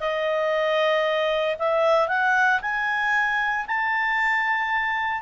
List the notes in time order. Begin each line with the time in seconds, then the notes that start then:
0.00 D#5
1.59 E5
2.08 F#5
2.62 G#5
3.67 A5